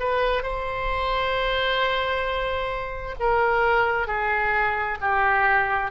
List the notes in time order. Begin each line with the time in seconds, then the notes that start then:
0.00 B4
0.43 C5
3.20 A#4
4.07 G#4
5.01 G4